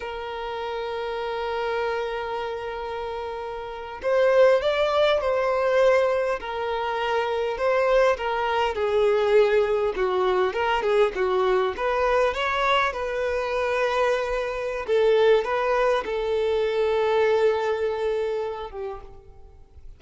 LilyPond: \new Staff \with { instrumentName = "violin" } { \time 4/4 \tempo 4 = 101 ais'1~ | ais'2~ ais'8. c''4 d''16~ | d''8. c''2 ais'4~ ais'16~ | ais'8. c''4 ais'4 gis'4~ gis'16~ |
gis'8. fis'4 ais'8 gis'8 fis'4 b'16~ | b'8. cis''4 b'2~ b'16~ | b'4 a'4 b'4 a'4~ | a'2.~ a'8 g'8 | }